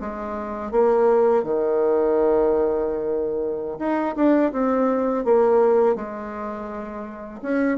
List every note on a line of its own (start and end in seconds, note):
0.00 0.71 G#3
0.71 1.43 A#3
1.43 3.78 D#3
3.79 4.15 D#4
4.15 4.51 D4
4.52 5.24 C4
5.24 5.95 A#3
5.95 7.40 G#3
7.42 7.77 C#4